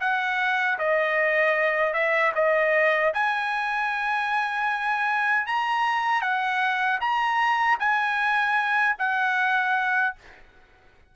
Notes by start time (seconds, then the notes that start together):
0.00 F#5
0.79 D#5
1.93 E5
2.35 D#5
3.14 G#5
5.47 A#5
6.21 F#5
7.01 A#5
7.80 G#5
8.99 F#5